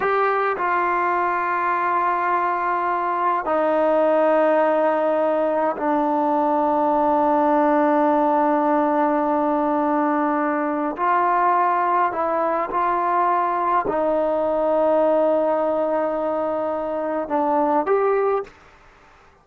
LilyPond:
\new Staff \with { instrumentName = "trombone" } { \time 4/4 \tempo 4 = 104 g'4 f'2.~ | f'2 dis'2~ | dis'2 d'2~ | d'1~ |
d'2. f'4~ | f'4 e'4 f'2 | dis'1~ | dis'2 d'4 g'4 | }